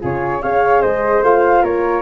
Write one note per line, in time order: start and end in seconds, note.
0.00 0.43 C#3
0.00 0.41 F4
0.00 0.41 G#4
0.00 0.42 C#5
0.42 0.83 C#4
0.42 1.23 G#4
0.42 0.81 C#5
0.42 0.82 F5
0.81 1.21 G#3
0.81 1.62 C5
0.81 1.22 D#5
1.21 1.61 A3
1.21 2.01 F4
1.21 1.64 F5
1.62 2.01 A#3
1.62 2.01 A#4
1.62 2.01 C#5